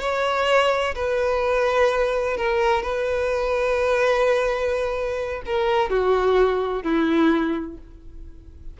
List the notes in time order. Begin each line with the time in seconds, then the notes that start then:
0.00 C#5
0.95 B4
2.37 A#4
2.83 B4
5.46 A#4
5.90 F#4
6.83 E4